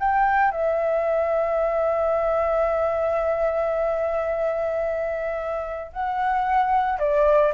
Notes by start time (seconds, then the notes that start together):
0.00 G5
0.51 E5
5.93 F#5
6.99 D5